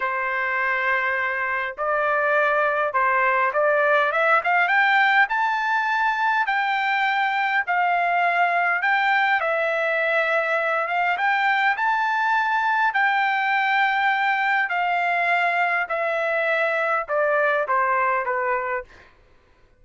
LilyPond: \new Staff \with { instrumentName = "trumpet" } { \time 4/4 \tempo 4 = 102 c''2. d''4~ | d''4 c''4 d''4 e''8 f''8 | g''4 a''2 g''4~ | g''4 f''2 g''4 |
e''2~ e''8 f''8 g''4 | a''2 g''2~ | g''4 f''2 e''4~ | e''4 d''4 c''4 b'4 | }